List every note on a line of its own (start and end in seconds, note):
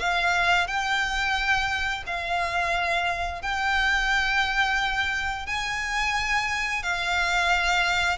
0.00 0.68 F5
0.68 2.04 G5
2.07 3.42 F5
3.42 5.47 G5
5.47 6.83 G#5
6.83 8.18 F5